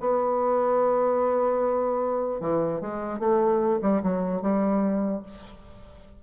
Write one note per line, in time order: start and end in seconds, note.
0.00 2.41 B3
2.41 2.81 E3
2.81 3.19 G#3
3.19 3.80 A3
3.82 4.02 G3
4.03 4.42 F#3
4.42 5.22 G3